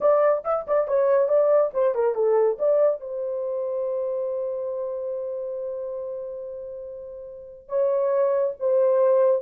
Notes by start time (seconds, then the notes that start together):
0.00 D5
0.44 E5
0.67 D5
0.87 C#5
1.28 D5
1.73 C5
1.95 A#4
2.14 A4
2.59 D5
3.00 C5
7.68 C#5
8.59 C5